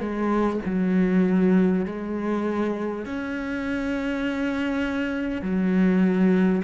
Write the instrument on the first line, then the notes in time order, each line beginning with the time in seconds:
cello
0.00 G#3
0.65 F#3
1.85 G#3
3.05 C#4
5.42 F#3